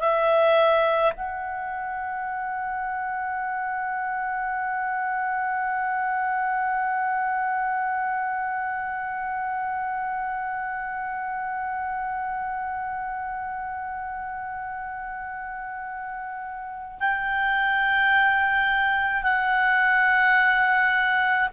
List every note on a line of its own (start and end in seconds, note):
0.00 1.13 E5
1.14 16.99 F#5
17.00 19.23 G5
19.23 21.49 F#5